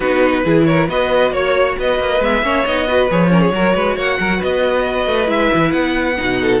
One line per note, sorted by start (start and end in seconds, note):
0.00 0.44 B3
0.00 0.44 D#4
0.00 0.42 F#4
0.00 0.63 B4
0.44 0.89 E3
0.44 0.88 E4
0.44 0.66 G#4
0.65 0.89 A#4
0.65 0.87 C#5
0.88 1.31 B3
0.88 2.20 F#4
0.88 1.33 B4
0.88 1.33 D#5
1.31 1.76 A#3
1.31 1.77 C#5
1.78 1.99 B3
1.78 2.44 B4
1.78 2.23 D#5
1.99 2.20 A#3
2.20 2.42 G#3
2.20 2.43 B3
2.20 2.65 E5
2.42 2.64 A#3
2.42 2.65 C#4
2.42 2.86 C#5
2.65 3.10 B3
2.65 2.87 D#4
2.65 3.09 D#5
2.86 3.09 F#4
2.86 3.30 B4
3.10 3.51 F3
3.10 3.29 G#4
3.10 3.98 C#5
3.29 3.51 C#4
3.29 3.41 A#4
3.41 3.52 G#4
3.51 3.73 F#3
3.51 5.26 F#4
3.51 3.75 A#4
3.75 3.96 G#3
3.75 3.95 B4
3.95 4.18 A#3
3.95 4.18 C#5
3.95 4.42 F#5
4.19 4.41 F#3
4.19 4.37 A#4
4.37 5.07 B3
4.37 6.35 B4
4.37 5.30 D#5
5.07 5.27 A3
5.26 5.50 G#3
5.26 6.14 E4
5.26 5.71 E5
5.53 5.73 E3
5.71 6.17 B3
5.71 6.59 F#5
6.16 6.60 B2
6.16 6.60 D#4
6.41 6.60 A4